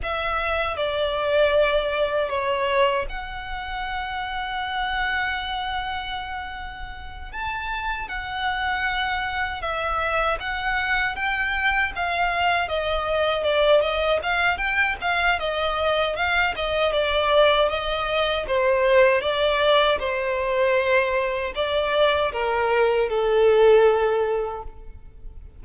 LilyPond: \new Staff \with { instrumentName = "violin" } { \time 4/4 \tempo 4 = 78 e''4 d''2 cis''4 | fis''1~ | fis''4. a''4 fis''4.~ | fis''8 e''4 fis''4 g''4 f''8~ |
f''8 dis''4 d''8 dis''8 f''8 g''8 f''8 | dis''4 f''8 dis''8 d''4 dis''4 | c''4 d''4 c''2 | d''4 ais'4 a'2 | }